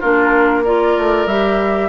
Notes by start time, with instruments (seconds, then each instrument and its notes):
0.00 bassoon A#3, clarinet D4, oboe F4, flute A#4
0.64 clarinet F4, oboe A#4, flute D5
0.97 bassoon A3
1.26 bassoon G3, clarinet G4, flute E5